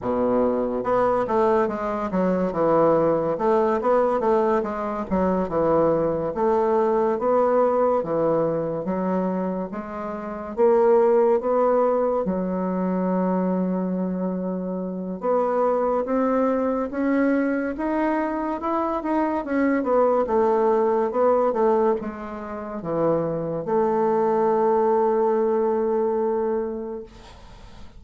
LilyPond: \new Staff \with { instrumentName = "bassoon" } { \time 4/4 \tempo 4 = 71 b,4 b8 a8 gis8 fis8 e4 | a8 b8 a8 gis8 fis8 e4 a8~ | a8 b4 e4 fis4 gis8~ | gis8 ais4 b4 fis4.~ |
fis2 b4 c'4 | cis'4 dis'4 e'8 dis'8 cis'8 b8 | a4 b8 a8 gis4 e4 | a1 | }